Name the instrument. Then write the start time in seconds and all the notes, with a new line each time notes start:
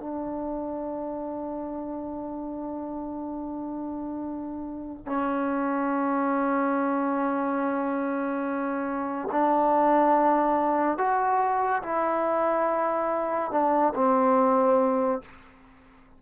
trombone
0.00 D4
5.06 C#4
9.32 D4
10.98 F#4
11.83 E4
13.51 D4
13.95 C4